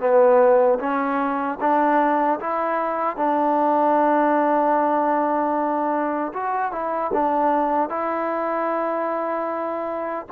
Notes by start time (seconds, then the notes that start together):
0.00 B3
0.80 C#4
1.61 D4
2.40 E4
3.17 D4
6.34 F#4
6.72 E4
7.13 D4
7.89 E4